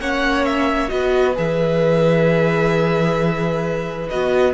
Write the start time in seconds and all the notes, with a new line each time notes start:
0.00 A#3 C#4 C#5 F#5
0.45 E5
0.89 B3 F#4 B4 D#5
1.35 E3 G#4 E5
4.09 B3 F#4 D#5